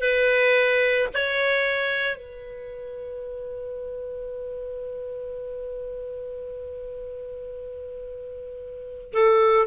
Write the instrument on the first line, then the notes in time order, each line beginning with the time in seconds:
clarinet
0.00 B4
1.13 C#5
2.16 B4
9.13 A4